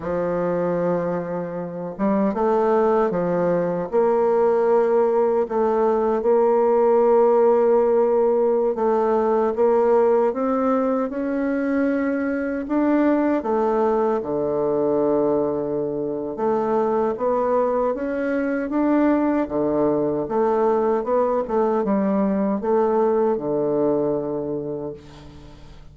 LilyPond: \new Staff \with { instrumentName = "bassoon" } { \time 4/4 \tempo 4 = 77 f2~ f8 g8 a4 | f4 ais2 a4 | ais2.~ ais16 a8.~ | a16 ais4 c'4 cis'4.~ cis'16~ |
cis'16 d'4 a4 d4.~ d16~ | d4 a4 b4 cis'4 | d'4 d4 a4 b8 a8 | g4 a4 d2 | }